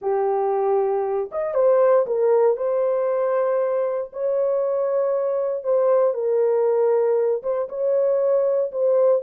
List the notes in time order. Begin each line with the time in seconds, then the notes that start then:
0.01 G4
1.31 D#5
1.54 C5
2.06 A#4
2.56 C5
4.13 C#5
5.63 C5
6.14 A#4
7.42 C5
7.68 C#5
8.71 C5